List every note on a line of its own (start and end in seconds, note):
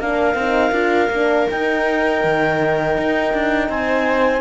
0.00 0.35 A#3
0.00 0.39 D4
0.00 3.70 A#4
0.00 1.49 F5
0.35 0.72 C4
0.41 0.73 D#4
0.72 1.09 D4
0.72 1.10 F4
1.10 1.47 A#3
1.10 1.50 D4
1.50 4.42 D#4
1.50 2.24 D#4
1.50 3.71 G5
2.24 2.98 D#3
2.98 3.34 D#4
3.34 3.69 D4
3.69 4.42 C4
3.69 4.42 C5
3.69 4.42 G#5